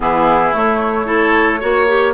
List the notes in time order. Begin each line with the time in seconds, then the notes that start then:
0.00 E3 B3 E4 G#4
0.52 A3 C#5
1.05 E4 A4
1.59 A#3 F#4 C#5
1.87 G4